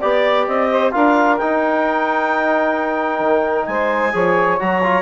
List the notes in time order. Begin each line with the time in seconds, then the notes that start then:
0.00 B3 G4 D5
0.46 C4 D#5
0.70 C5
0.90 D4 F4 A#4 F5
1.37 D#4 G5
3.19 D#3
3.65 G#3 C5 G#5
4.12 F3 G#4 C#5
4.59 F#3 F#4 A#5
4.83 F4